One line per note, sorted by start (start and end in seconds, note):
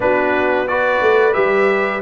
0.00 0.99 B3
0.00 0.67 D4
0.00 0.69 F#4
0.00 0.67 B4
0.67 1.32 F#4
0.67 2.01 B4
0.67 1.33 D5
1.01 1.35 A3
1.32 2.01 G3
1.32 2.00 G4
1.32 2.00 E5